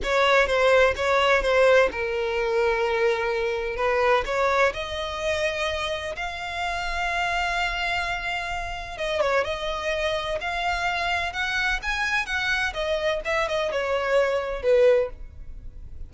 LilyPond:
\new Staff \with { instrumentName = "violin" } { \time 4/4 \tempo 4 = 127 cis''4 c''4 cis''4 c''4 | ais'1 | b'4 cis''4 dis''2~ | dis''4 f''2.~ |
f''2. dis''8 cis''8 | dis''2 f''2 | fis''4 gis''4 fis''4 dis''4 | e''8 dis''8 cis''2 b'4 | }